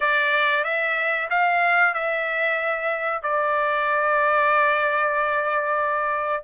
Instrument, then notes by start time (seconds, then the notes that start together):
trumpet
0.00 D5
0.64 E5
1.30 F5
1.94 E5
3.22 D5